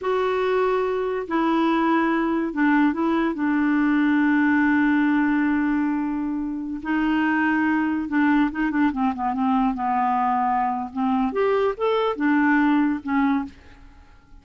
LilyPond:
\new Staff \with { instrumentName = "clarinet" } { \time 4/4 \tempo 4 = 143 fis'2. e'4~ | e'2 d'4 e'4 | d'1~ | d'1~ |
d'16 dis'2. d'8.~ | d'16 dis'8 d'8 c'8 b8 c'4 b8.~ | b2 c'4 g'4 | a'4 d'2 cis'4 | }